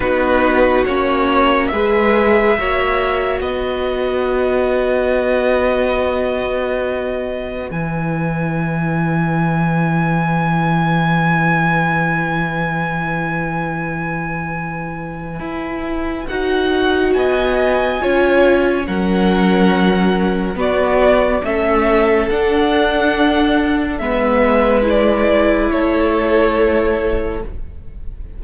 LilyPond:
<<
  \new Staff \with { instrumentName = "violin" } { \time 4/4 \tempo 4 = 70 b'4 cis''4 e''2 | dis''1~ | dis''4 gis''2.~ | gis''1~ |
gis''2. fis''4 | gis''2 fis''2 | d''4 e''4 fis''2 | e''4 d''4 cis''2 | }
  \new Staff \with { instrumentName = "violin" } { \time 4/4 fis'2 b'4 cis''4 | b'1~ | b'1~ | b'1~ |
b'1 | dis''4 cis''4 ais'2 | fis'4 a'2. | b'2 a'2 | }
  \new Staff \with { instrumentName = "viola" } { \time 4/4 dis'4 cis'4 gis'4 fis'4~ | fis'1~ | fis'4 e'2.~ | e'1~ |
e'2. fis'4~ | fis'4 f'4 cis'2 | b4 cis'4 d'2 | b4 e'2. | }
  \new Staff \with { instrumentName = "cello" } { \time 4/4 b4 ais4 gis4 ais4 | b1~ | b4 e2.~ | e1~ |
e2 e'4 dis'4 | b4 cis'4 fis2 | b4 a4 d'2 | gis2 a2 | }
>>